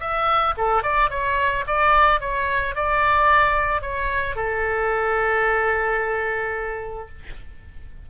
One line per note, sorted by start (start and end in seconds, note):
0.00 0.55 E5
0.57 0.83 A4
0.83 1.10 D5
1.10 1.65 C#5
1.67 2.20 D5
2.20 2.75 C#5
2.75 3.82 D5
3.82 4.36 C#5
4.36 7.08 A4